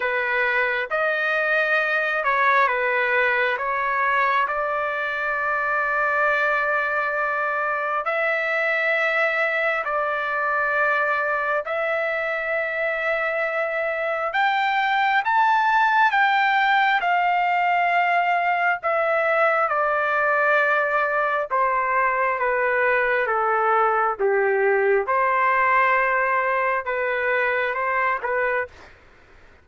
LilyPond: \new Staff \with { instrumentName = "trumpet" } { \time 4/4 \tempo 4 = 67 b'4 dis''4. cis''8 b'4 | cis''4 d''2.~ | d''4 e''2 d''4~ | d''4 e''2. |
g''4 a''4 g''4 f''4~ | f''4 e''4 d''2 | c''4 b'4 a'4 g'4 | c''2 b'4 c''8 b'8 | }